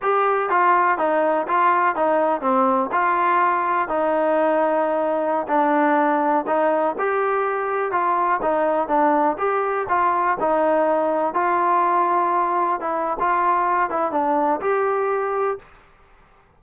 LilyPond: \new Staff \with { instrumentName = "trombone" } { \time 4/4 \tempo 4 = 123 g'4 f'4 dis'4 f'4 | dis'4 c'4 f'2 | dis'2.~ dis'16 d'8.~ | d'4~ d'16 dis'4 g'4.~ g'16~ |
g'16 f'4 dis'4 d'4 g'8.~ | g'16 f'4 dis'2 f'8.~ | f'2~ f'16 e'8. f'4~ | f'8 e'8 d'4 g'2 | }